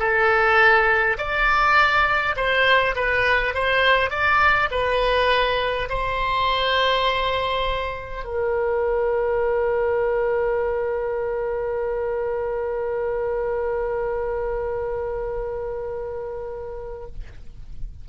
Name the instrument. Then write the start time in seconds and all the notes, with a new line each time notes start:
oboe
0.00 A4
1.18 D5
2.36 C5
2.96 B4
3.55 C5
4.10 D5
4.71 B4
5.90 C5
8.25 A#4